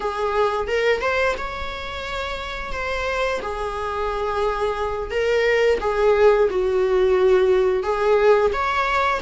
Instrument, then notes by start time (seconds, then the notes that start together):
viola
0.00 G#4
0.67 A#4
1.01 C5
1.37 C#5
2.72 C5
3.42 G#4
5.10 A#4
5.80 G#4
6.50 F#4
7.83 G#4
8.52 C#5